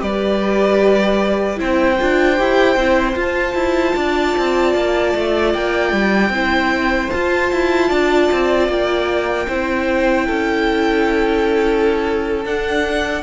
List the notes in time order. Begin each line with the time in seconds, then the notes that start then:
0.00 G3 G4 B4 D5
1.57 C4 E4 C5 G5
1.99 D4 F4
2.37 E4 G4
2.76 C4 E4
3.15 F4 A5
3.54 E4
3.96 D4 D5
4.37 C4
4.75 A#3
5.15 A3
5.53 A#3 G5
5.92 G3
6.29 C4 E4 C5
7.10 F4 A5
7.52 E4
7.88 D4 D5
8.32 C4
8.68 A#3 G5
9.48 C4 E4 C5
10.27 C#4 A4
12.45 D4 F#5